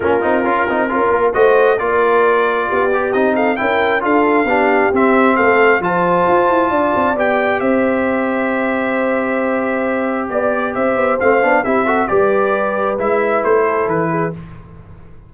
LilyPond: <<
  \new Staff \with { instrumentName = "trumpet" } { \time 4/4 \tempo 4 = 134 ais'2. dis''4 | d''2. dis''8 f''8 | g''4 f''2 e''4 | f''4 a''2. |
g''4 e''2.~ | e''2. d''4 | e''4 f''4 e''4 d''4~ | d''4 e''4 c''4 b'4 | }
  \new Staff \with { instrumentName = "horn" } { \time 4/4 f'2 ais'4 c''4 | ais'2 g'4. a'8 | ais'4 a'4 g'2 | a'4 c''2 d''4~ |
d''4 c''2.~ | c''2. d''4 | c''2 g'8 a'8 b'4~ | b'2~ b'8 a'4 gis'8 | }
  \new Staff \with { instrumentName = "trombone" } { \time 4/4 cis'8 dis'8 f'8 dis'8 f'4 fis'4 | f'2~ f'8 g'8 dis'4 | e'4 f'4 d'4 c'4~ | c'4 f'2. |
g'1~ | g'1~ | g'4 c'8 d'8 e'8 fis'8 g'4~ | g'4 e'2. | }
  \new Staff \with { instrumentName = "tuba" } { \time 4/4 ais8 c'8 cis'8 c'8 cis'8 ais8 a4 | ais2 b4 c'4 | cis'4 d'4 b4 c'4 | a4 f4 f'8 e'8 d'8 c'8 |
b4 c'2.~ | c'2. b4 | c'8 b8 a8 b8 c'4 g4~ | g4 gis4 a4 e4 | }
>>